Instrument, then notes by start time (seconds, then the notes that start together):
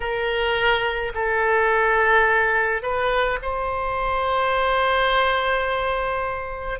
oboe
0.00 A#4
1.14 A4
2.82 B4
3.42 C5